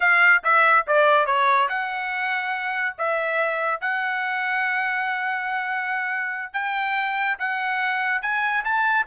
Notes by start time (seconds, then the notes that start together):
0.00 F5
0.43 E5
0.87 D5
1.26 C#5
1.68 F#5
2.98 E5
3.80 F#5
6.53 G5
7.38 F#5
8.21 G#5
8.64 A5